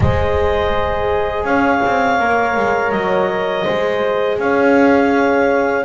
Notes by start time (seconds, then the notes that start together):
0.00 G#3 G#4 C5 D#5
1.44 C#4 C#5 F5
1.85 C4
2.19 A#3 A#4
2.56 G#3
2.91 F#3 D#5
3.64 G#3 G#4 C5
4.38 C#4 C#5 F5